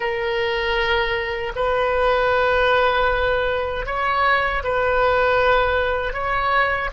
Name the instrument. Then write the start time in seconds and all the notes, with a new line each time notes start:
oboe
0.00 A#4
1.55 B4
3.85 C#5
4.63 B4
6.13 C#5